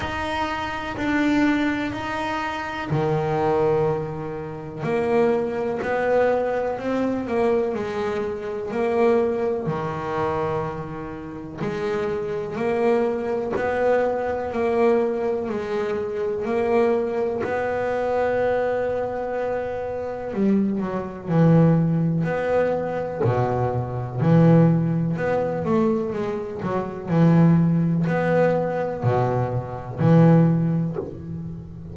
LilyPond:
\new Staff \with { instrumentName = "double bass" } { \time 4/4 \tempo 4 = 62 dis'4 d'4 dis'4 dis4~ | dis4 ais4 b4 c'8 ais8 | gis4 ais4 dis2 | gis4 ais4 b4 ais4 |
gis4 ais4 b2~ | b4 g8 fis8 e4 b4 | b,4 e4 b8 a8 gis8 fis8 | e4 b4 b,4 e4 | }